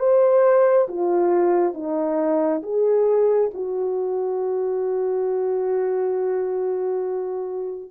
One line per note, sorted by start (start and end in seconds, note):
0.00 0.88 C5
0.89 1.74 F4
1.74 2.62 D#4
2.63 3.51 G#4
3.54 7.91 F#4